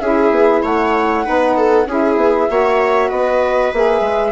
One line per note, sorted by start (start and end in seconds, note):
0.00 0.31 C#4
0.00 1.24 E4
0.00 0.62 G#4
0.00 0.62 E5
0.31 0.62 B3
0.62 1.25 A3
0.62 1.24 C#5
0.62 1.88 F#5
1.24 1.86 B3
1.24 1.86 D#4
1.24 1.55 B4
1.56 1.87 A4
1.86 2.16 C#4
1.86 2.49 E4
1.86 2.50 G#4
1.86 3.10 E5
2.16 2.47 B3
2.49 3.11 A#3
2.49 3.72 F#4
2.49 3.08 C#5
3.08 3.72 B3
3.08 4.32 B4
3.08 3.72 D#5
3.73 4.01 A#3
3.73 4.32 G#4
3.73 4.32 E5
4.01 4.32 G#3